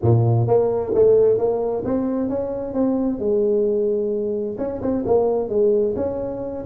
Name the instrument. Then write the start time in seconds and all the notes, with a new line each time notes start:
tuba
0.02 A#2
0.47 A#3
0.94 A3
1.37 A#3
1.84 C4
2.29 C#4
2.73 C4
3.19 G#3
4.58 C#4
4.81 C4
5.05 A#3
5.49 G#3
5.95 C#4